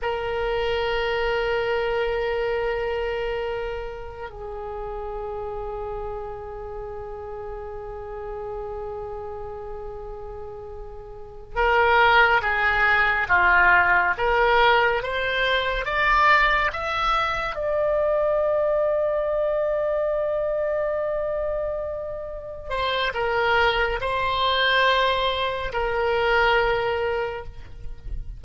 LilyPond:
\new Staff \with { instrumentName = "oboe" } { \time 4/4 \tempo 4 = 70 ais'1~ | ais'4 gis'2.~ | gis'1~ | gis'4. ais'4 gis'4 f'8~ |
f'8 ais'4 c''4 d''4 e''8~ | e''8 d''2.~ d''8~ | d''2~ d''8 c''8 ais'4 | c''2 ais'2 | }